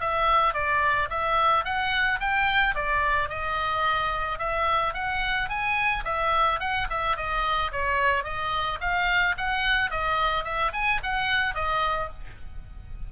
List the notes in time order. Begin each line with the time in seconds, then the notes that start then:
0.00 E5
0.54 D5
1.10 E5
1.64 F#5
2.20 G5
2.75 D5
3.29 D#5
4.39 E5
4.94 F#5
5.49 G#5
6.05 E5
6.60 F#5
6.90 E5
7.16 D#5
7.72 C#5
8.24 D#5
8.80 F5
9.37 F#5
9.91 D#5
10.44 E5
10.73 G#5
11.03 F#5
11.54 D#5